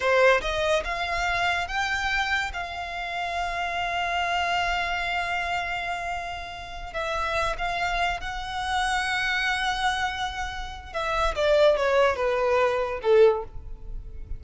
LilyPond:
\new Staff \with { instrumentName = "violin" } { \time 4/4 \tempo 4 = 143 c''4 dis''4 f''2 | g''2 f''2~ | f''1~ | f''1~ |
f''8 e''4. f''4. fis''8~ | fis''1~ | fis''2 e''4 d''4 | cis''4 b'2 a'4 | }